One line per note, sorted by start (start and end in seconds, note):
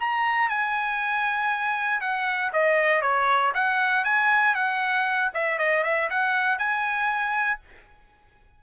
0.00 0.50 A#5
0.50 2.01 G#5
2.01 2.52 F#5
2.53 3.02 D#5
3.02 3.53 C#5
3.55 4.04 F#5
4.04 4.55 G#5
4.55 5.31 F#5
5.34 5.59 E5
5.59 5.84 D#5
5.84 6.09 E5
6.10 6.59 F#5
6.59 7.60 G#5